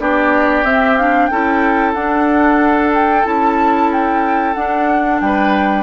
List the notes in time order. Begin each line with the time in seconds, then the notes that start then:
0.00 B3 D4 G4 D5
0.64 C4 E5
0.97 D4 F5
1.27 C#4 E4 A4 G5
1.94 D4 F#5
2.94 G5
3.24 C#4 E4 A5
3.92 G5
4.54 D4 F#5
5.21 G3 B4 G5